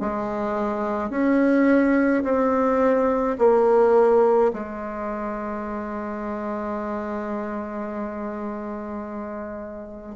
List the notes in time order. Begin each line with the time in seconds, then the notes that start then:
0.00 G#3
1.10 C#4
2.24 C4
3.39 A#3
4.53 G#3